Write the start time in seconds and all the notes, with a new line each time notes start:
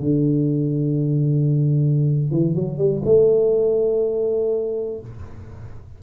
0.00 D3
2.31 E3
2.55 F#3
2.78 G3
3.05 A3